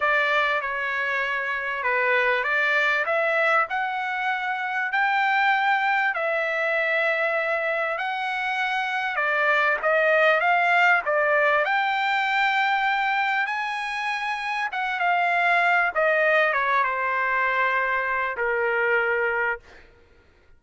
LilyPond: \new Staff \with { instrumentName = "trumpet" } { \time 4/4 \tempo 4 = 98 d''4 cis''2 b'4 | d''4 e''4 fis''2 | g''2 e''2~ | e''4 fis''2 d''4 |
dis''4 f''4 d''4 g''4~ | g''2 gis''2 | fis''8 f''4. dis''4 cis''8 c''8~ | c''2 ais'2 | }